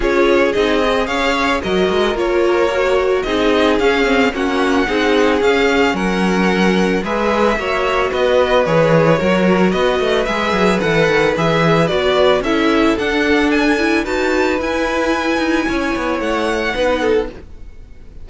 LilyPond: <<
  \new Staff \with { instrumentName = "violin" } { \time 4/4 \tempo 4 = 111 cis''4 dis''4 f''4 dis''4 | cis''2 dis''4 f''4 | fis''2 f''4 fis''4~ | fis''4 e''2 dis''4 |
cis''2 dis''4 e''4 | fis''4 e''4 d''4 e''4 | fis''4 gis''4 a''4 gis''4~ | gis''2 fis''2 | }
  \new Staff \with { instrumentName = "violin" } { \time 4/4 gis'2 cis''4 ais'4~ | ais'2 gis'2 | fis'4 gis'2 ais'4~ | ais'4 b'4 cis''4 b'4~ |
b'4 ais'4 b'2~ | b'2. a'4~ | a'2 b'2~ | b'4 cis''2 b'8 a'8 | }
  \new Staff \with { instrumentName = "viola" } { \time 4/4 f'4 dis'8 gis'4. fis'4 | f'4 fis'4 dis'4 cis'8 c'8 | cis'4 dis'4 cis'2~ | cis'4 gis'4 fis'2 |
gis'4 fis'2 gis'4 | a'4 gis'4 fis'4 e'4 | d'4. e'8 fis'4 e'4~ | e'2. dis'4 | }
  \new Staff \with { instrumentName = "cello" } { \time 4/4 cis'4 c'4 cis'4 fis8 gis8 | ais2 c'4 cis'4 | ais4 c'4 cis'4 fis4~ | fis4 gis4 ais4 b4 |
e4 fis4 b8 a8 gis8 fis8 | e8 dis8 e4 b4 cis'4 | d'2 dis'4 e'4~ | e'8 dis'8 cis'8 b8 a4 b4 | }
>>